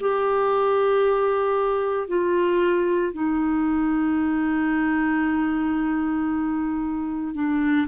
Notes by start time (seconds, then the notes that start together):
0.00 G4
2.08 F4
3.13 D#4
7.34 D4